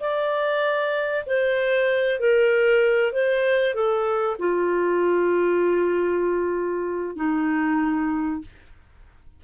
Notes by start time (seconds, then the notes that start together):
0.00 D5
1.26 C5
2.19 A#4
3.12 C5
3.74 A4
4.39 F4
7.16 D#4